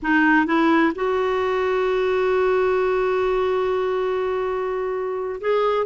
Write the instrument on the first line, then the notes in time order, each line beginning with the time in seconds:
clarinet
0.02 D#4
0.45 E4
0.95 F#4
5.40 G#4